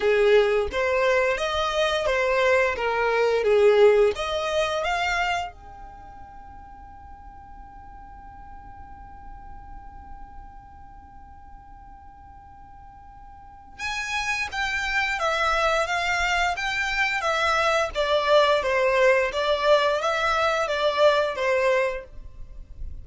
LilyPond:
\new Staff \with { instrumentName = "violin" } { \time 4/4 \tempo 4 = 87 gis'4 c''4 dis''4 c''4 | ais'4 gis'4 dis''4 f''4 | g''1~ | g''1~ |
g''1 | gis''4 g''4 e''4 f''4 | g''4 e''4 d''4 c''4 | d''4 e''4 d''4 c''4 | }